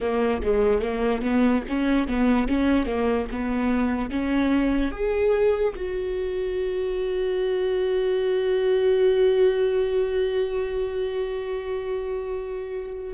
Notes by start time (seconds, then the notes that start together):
0.00 A#3
0.42 G#3
0.81 A#3
1.21 B3
1.68 C#4
2.07 B3
2.47 C#4
2.86 A#3
3.31 B3
4.10 C#4
4.91 G#4
5.75 F#4